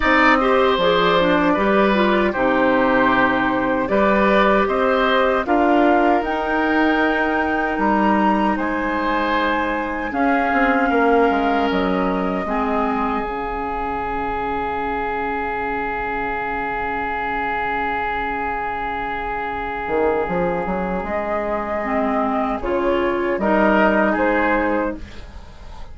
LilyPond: <<
  \new Staff \with { instrumentName = "flute" } { \time 4/4 \tempo 4 = 77 dis''4 d''2 c''4~ | c''4 d''4 dis''4 f''4 | g''2 ais''4 gis''4~ | gis''4 f''2 dis''4~ |
dis''4 f''2.~ | f''1~ | f''2. dis''4~ | dis''4 cis''4 dis''4 c''4 | }
  \new Staff \with { instrumentName = "oboe" } { \time 4/4 d''8 c''4. b'4 g'4~ | g'4 b'4 c''4 ais'4~ | ais'2. c''4~ | c''4 gis'4 ais'2 |
gis'1~ | gis'1~ | gis'1~ | gis'2 ais'4 gis'4 | }
  \new Staff \with { instrumentName = "clarinet" } { \time 4/4 dis'8 g'8 gis'8 d'8 g'8 f'8 dis'4~ | dis'4 g'2 f'4 | dis'1~ | dis'4 cis'2. |
c'4 cis'2.~ | cis'1~ | cis'1 | c'4 f'4 dis'2 | }
  \new Staff \with { instrumentName = "bassoon" } { \time 4/4 c'4 f4 g4 c4~ | c4 g4 c'4 d'4 | dis'2 g4 gis4~ | gis4 cis'8 c'8 ais8 gis8 fis4 |
gis4 cis2.~ | cis1~ | cis4. dis8 f8 fis8 gis4~ | gis4 cis4 g4 gis4 | }
>>